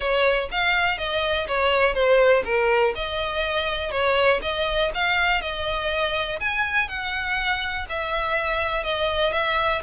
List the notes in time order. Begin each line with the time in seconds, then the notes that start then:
0.00 C#5
0.51 F5
0.98 D#5
1.47 C#5
1.94 C5
2.44 A#4
2.95 D#5
3.91 C#5
4.42 D#5
4.94 F5
5.41 D#5
6.40 G#5
6.88 F#5
7.89 E5
8.83 D#5
9.32 E5